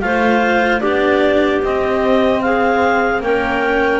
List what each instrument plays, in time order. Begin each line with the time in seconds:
0.00 double bass A3, cello F4, clarinet C5 F5
0.80 double bass B3, cello D4, clarinet G4 D5
1.62 double bass C4, cello C4, clarinet D#5
2.41 clarinet G#4 F5
3.20 double bass A#3, cello C#4, clarinet A#4 G5